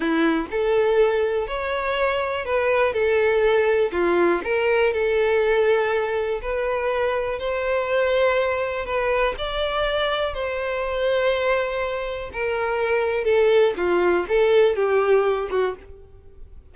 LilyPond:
\new Staff \with { instrumentName = "violin" } { \time 4/4 \tempo 4 = 122 e'4 a'2 cis''4~ | cis''4 b'4 a'2 | f'4 ais'4 a'2~ | a'4 b'2 c''4~ |
c''2 b'4 d''4~ | d''4 c''2.~ | c''4 ais'2 a'4 | f'4 a'4 g'4. fis'8 | }